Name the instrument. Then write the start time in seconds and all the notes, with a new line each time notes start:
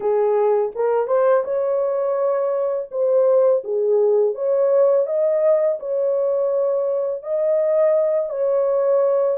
horn
0.00 G#4
0.75 A#4
1.07 C5
1.44 C#5
2.91 C5
3.63 G#4
4.34 C#5
5.06 D#5
5.79 C#5
7.23 D#5
8.29 C#5